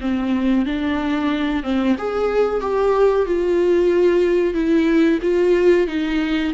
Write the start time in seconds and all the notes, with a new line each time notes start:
0.00 C4
0.65 D4
1.63 C4
1.97 G#4
2.61 G4
3.25 F4
4.54 E4
5.22 F4
5.87 D#4